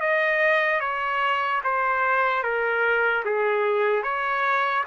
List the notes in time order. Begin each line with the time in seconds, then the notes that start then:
0.00 D#5
0.80 C#5
1.64 C5
2.43 A#4
3.25 G#4
4.03 C#5